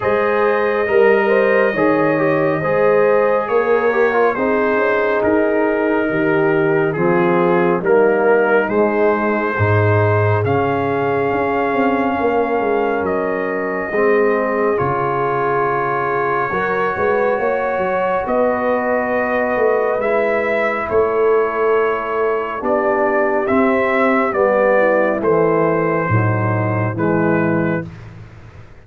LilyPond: <<
  \new Staff \with { instrumentName = "trumpet" } { \time 4/4 \tempo 4 = 69 dis''1 | cis''4 c''4 ais'2 | gis'4 ais'4 c''2 | f''2. dis''4~ |
dis''4 cis''2.~ | cis''4 dis''2 e''4 | cis''2 d''4 e''4 | d''4 c''2 b'4 | }
  \new Staff \with { instrumentName = "horn" } { \time 4/4 c''4 ais'8 c''8 cis''4 c''4 | ais'4 gis'2 g'4 | f'4 dis'2 gis'4~ | gis'2 ais'2 |
gis'2. ais'8 b'8 | cis''4 b'2. | a'2 g'2~ | g'8 e'4. dis'4 e'4 | }
  \new Staff \with { instrumentName = "trombone" } { \time 4/4 gis'4 ais'4 gis'8 g'8 gis'4~ | gis'8 g'16 f'16 dis'2. | c'4 ais4 gis4 dis'4 | cis'1 |
c'4 f'2 fis'4~ | fis'2. e'4~ | e'2 d'4 c'4 | b4 e4 fis4 gis4 | }
  \new Staff \with { instrumentName = "tuba" } { \time 4/4 gis4 g4 dis4 gis4 | ais4 c'8 cis'8 dis'4 dis4 | f4 g4 gis4 gis,4 | cis4 cis'8 c'8 ais8 gis8 fis4 |
gis4 cis2 fis8 gis8 | ais8 fis8 b4. a8 gis4 | a2 b4 c'4 | g4 a4 a,4 e4 | }
>>